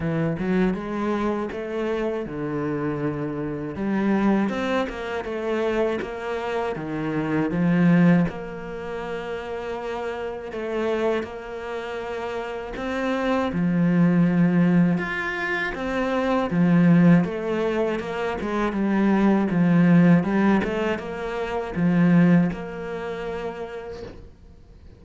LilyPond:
\new Staff \with { instrumentName = "cello" } { \time 4/4 \tempo 4 = 80 e8 fis8 gis4 a4 d4~ | d4 g4 c'8 ais8 a4 | ais4 dis4 f4 ais4~ | ais2 a4 ais4~ |
ais4 c'4 f2 | f'4 c'4 f4 a4 | ais8 gis8 g4 f4 g8 a8 | ais4 f4 ais2 | }